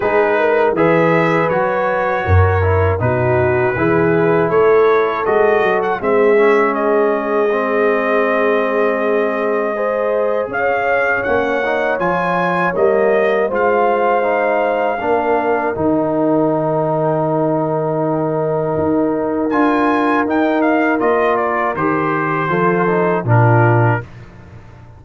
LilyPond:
<<
  \new Staff \with { instrumentName = "trumpet" } { \time 4/4 \tempo 4 = 80 b'4 e''4 cis''2 | b'2 cis''4 dis''8. fis''16 | e''4 dis''2.~ | dis''2 f''4 fis''4 |
gis''4 dis''4 f''2~ | f''4 g''2.~ | g''2 gis''4 g''8 f''8 | dis''8 d''8 c''2 ais'4 | }
  \new Staff \with { instrumentName = "horn" } { \time 4/4 gis'8 ais'8 b'2 ais'4 | fis'4 gis'4 a'2 | gis'1~ | gis'4 c''4 cis''2~ |
cis''2 c''2 | ais'1~ | ais'1~ | ais'2 a'4 f'4 | }
  \new Staff \with { instrumentName = "trombone" } { \time 4/4 dis'4 gis'4 fis'4. e'8 | dis'4 e'2 fis'4 | c'8 cis'4. c'2~ | c'4 gis'2 cis'8 dis'8 |
f'4 ais4 f'4 dis'4 | d'4 dis'2.~ | dis'2 f'4 dis'4 | f'4 g'4 f'8 dis'8 d'4 | }
  \new Staff \with { instrumentName = "tuba" } { \time 4/4 gis4 e4 fis4 fis,4 | b,4 e4 a4 gis8 fis8 | gis1~ | gis2 cis'4 ais4 |
f4 g4 gis2 | ais4 dis2.~ | dis4 dis'4 d'4 dis'4 | ais4 dis4 f4 ais,4 | }
>>